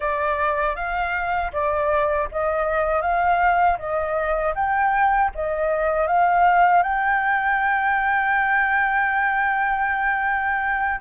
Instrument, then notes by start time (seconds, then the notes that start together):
flute
0.00 D5
0.75 F5
1.52 D5
2.31 D#5
3.01 F5
3.78 D#5
4.55 G5
5.34 D#5
6.07 F5
6.82 G5